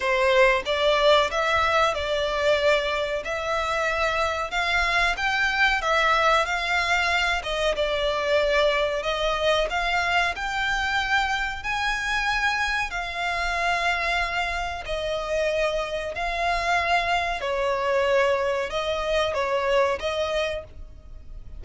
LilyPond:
\new Staff \with { instrumentName = "violin" } { \time 4/4 \tempo 4 = 93 c''4 d''4 e''4 d''4~ | d''4 e''2 f''4 | g''4 e''4 f''4. dis''8 | d''2 dis''4 f''4 |
g''2 gis''2 | f''2. dis''4~ | dis''4 f''2 cis''4~ | cis''4 dis''4 cis''4 dis''4 | }